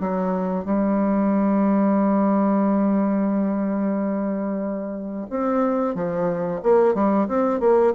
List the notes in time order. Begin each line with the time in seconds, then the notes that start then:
0.00 F#3
0.65 G3
5.30 C4
5.95 F3
6.63 A#3
6.94 G3
7.28 C4
7.60 A#3